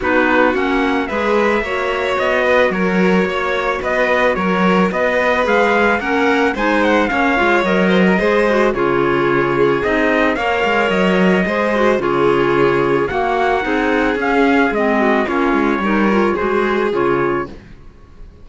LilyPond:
<<
  \new Staff \with { instrumentName = "trumpet" } { \time 4/4 \tempo 4 = 110 b'4 fis''4 e''2 | dis''4 cis''2 dis''4 | cis''4 dis''4 f''4 fis''4 | gis''8 fis''8 f''4 dis''2 |
cis''2 dis''4 f''4 | dis''2 cis''2 | fis''2 f''4 dis''4 | cis''2 c''4 cis''4 | }
  \new Staff \with { instrumentName = "violin" } { \time 4/4 fis'2 b'4 cis''4~ | cis''8 b'8 ais'4 cis''4 b'4 | ais'4 b'2 ais'4 | c''4 cis''4. c''16 ais'16 c''4 |
gis'2. cis''4~ | cis''4 c''4 gis'2 | fis'4 gis'2~ gis'8 fis'8 | f'4 ais'4 gis'2 | }
  \new Staff \with { instrumentName = "clarinet" } { \time 4/4 dis'4 cis'4 gis'4 fis'4~ | fis'1~ | fis'2 gis'4 cis'4 | dis'4 cis'8 f'8 ais'4 gis'8 fis'8 |
f'2 dis'4 ais'4~ | ais'4 gis'8 fis'8 f'2 | ais4 dis'4 cis'4 c'4 | cis'4 dis'8 f'8 fis'4 f'4 | }
  \new Staff \with { instrumentName = "cello" } { \time 4/4 b4 ais4 gis4 ais4 | b4 fis4 ais4 b4 | fis4 b4 gis4 ais4 | gis4 ais8 gis8 fis4 gis4 |
cis2 c'4 ais8 gis8 | fis4 gis4 cis2 | ais4 c'4 cis'4 gis4 | ais8 gis8 g4 gis4 cis4 | }
>>